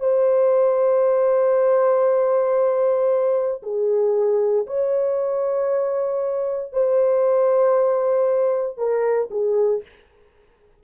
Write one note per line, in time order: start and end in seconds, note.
0.00 3.62 C5
3.63 4.66 G#4
4.66 6.73 C#5
6.73 8.77 C5
8.77 9.29 A#4
9.31 9.82 G#4